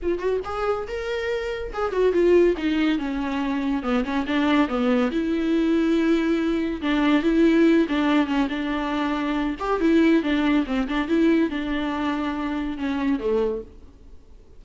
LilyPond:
\new Staff \with { instrumentName = "viola" } { \time 4/4 \tempo 4 = 141 f'8 fis'8 gis'4 ais'2 | gis'8 fis'8 f'4 dis'4 cis'4~ | cis'4 b8 cis'8 d'4 b4 | e'1 |
d'4 e'4. d'4 cis'8 | d'2~ d'8 g'8 e'4 | d'4 c'8 d'8 e'4 d'4~ | d'2 cis'4 a4 | }